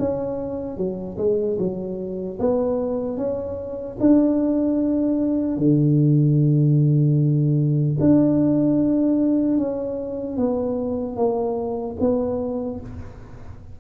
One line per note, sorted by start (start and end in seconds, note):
0.00 0.77 C#4
0.77 1.17 F#3
1.18 1.58 G#3
1.59 2.39 F#3
2.40 3.17 B3
3.17 3.97 C#4
4.01 5.57 D4
5.57 7.97 D3
8.00 9.58 D4
9.58 10.37 C#4
10.37 11.17 B3
11.17 11.97 A#3
12.00 12.80 B3